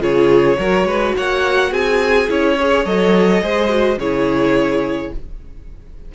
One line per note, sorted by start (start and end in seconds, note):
0.00 0.57 C#3
0.00 0.57 F4
0.00 0.58 G#4
0.00 1.16 C#5
0.59 0.84 F#3
0.59 2.29 F#4
0.59 0.87 A#4
0.84 1.12 G#3
0.84 1.15 B4
1.17 1.72 A#3
1.17 1.71 C#5
1.17 1.73 F#5
1.71 2.29 C4
1.71 2.56 G#4
1.71 2.30 G#5
2.29 2.85 C#4
2.29 2.57 E4
2.29 2.86 C#5
2.58 2.87 G#4
2.58 3.43 C#5
2.85 3.42 F#3
2.85 3.43 A4
2.85 3.99 D#5
3.42 3.97 G#3
3.42 3.69 G#4
3.42 3.99 C5
3.69 3.97 F#4
3.97 5.10 C#3
3.97 5.15 E4
3.97 5.12 G#4
3.97 5.13 C#5